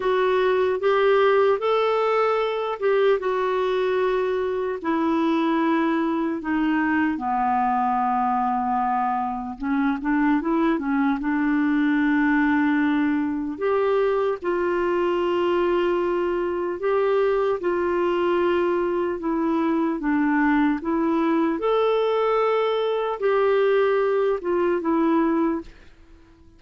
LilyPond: \new Staff \with { instrumentName = "clarinet" } { \time 4/4 \tempo 4 = 75 fis'4 g'4 a'4. g'8 | fis'2 e'2 | dis'4 b2. | cis'8 d'8 e'8 cis'8 d'2~ |
d'4 g'4 f'2~ | f'4 g'4 f'2 | e'4 d'4 e'4 a'4~ | a'4 g'4. f'8 e'4 | }